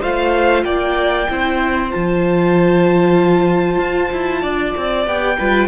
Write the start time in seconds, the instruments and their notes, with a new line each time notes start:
0.00 cello A3, viola F4, violin C5 F5
0.64 cello A#3, violin D5 G5
1.29 cello C4, viola E4, violin C5
1.91 cello F3, viola F4, violin A5
3.79 cello F4
4.12 cello E4
4.42 cello D4, violin D5
4.77 cello C4
5.06 cello B3, viola G4, violin G5
5.39 cello G3, viola F4, violin B4